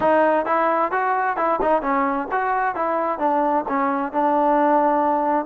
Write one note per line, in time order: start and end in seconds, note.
0.00 0.45 D#4
0.45 0.91 E4
0.91 1.36 F#4
1.36 1.59 E4
1.61 1.82 D#4
1.82 2.28 C#4
2.31 2.75 F#4
2.75 3.19 E4
3.19 3.64 D4
3.68 4.12 C#4
4.12 5.45 D4